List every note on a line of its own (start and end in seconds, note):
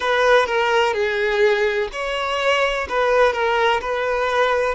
0.00 0.45 B4
0.45 0.93 A#4
0.93 1.88 G#4
1.92 2.87 C#5
2.88 3.32 B4
3.32 3.80 A#4
3.81 4.74 B4